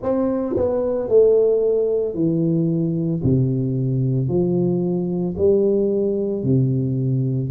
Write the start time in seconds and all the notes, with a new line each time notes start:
0.02 C4
0.56 B3
1.08 A3
2.14 E3
3.23 C3
4.28 F3
5.37 G3
6.43 C3